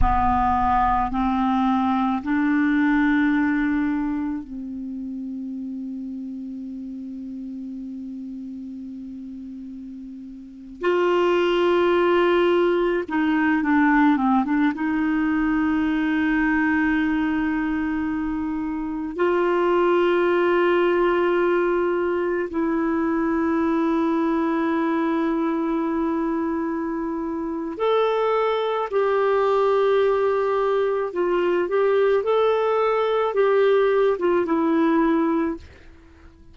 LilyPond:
\new Staff \with { instrumentName = "clarinet" } { \time 4/4 \tempo 4 = 54 b4 c'4 d'2 | c'1~ | c'4.~ c'16 f'2 dis'16~ | dis'16 d'8 c'16 d'16 dis'2~ dis'8.~ |
dis'4~ dis'16 f'2~ f'8.~ | f'16 e'2.~ e'8.~ | e'4 a'4 g'2 | f'8 g'8 a'4 g'8. f'16 e'4 | }